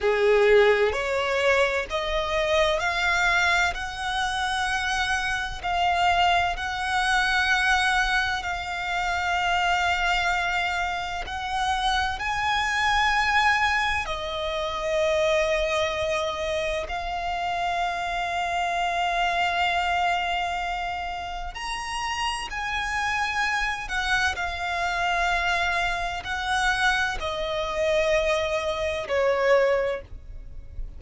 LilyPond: \new Staff \with { instrumentName = "violin" } { \time 4/4 \tempo 4 = 64 gis'4 cis''4 dis''4 f''4 | fis''2 f''4 fis''4~ | fis''4 f''2. | fis''4 gis''2 dis''4~ |
dis''2 f''2~ | f''2. ais''4 | gis''4. fis''8 f''2 | fis''4 dis''2 cis''4 | }